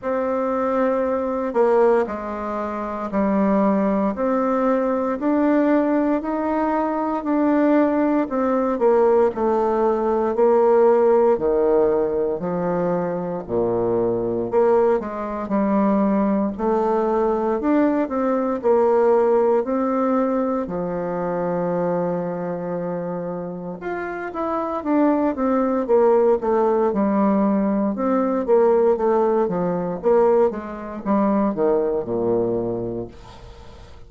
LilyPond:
\new Staff \with { instrumentName = "bassoon" } { \time 4/4 \tempo 4 = 58 c'4. ais8 gis4 g4 | c'4 d'4 dis'4 d'4 | c'8 ais8 a4 ais4 dis4 | f4 ais,4 ais8 gis8 g4 |
a4 d'8 c'8 ais4 c'4 | f2. f'8 e'8 | d'8 c'8 ais8 a8 g4 c'8 ais8 | a8 f8 ais8 gis8 g8 dis8 ais,4 | }